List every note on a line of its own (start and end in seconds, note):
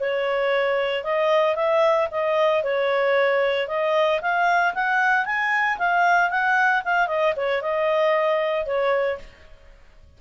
0.00 1.04 C#5
1.04 1.56 D#5
1.56 2.08 E5
2.11 2.64 D#5
2.64 3.68 C#5
3.68 4.21 D#5
4.22 4.74 F5
4.75 5.25 F#5
5.25 5.78 G#5
5.78 6.30 F5
6.30 6.83 F#5
6.85 7.08 F5
7.08 7.34 D#5
7.36 7.62 C#5
7.62 8.66 D#5
8.66 9.19 C#5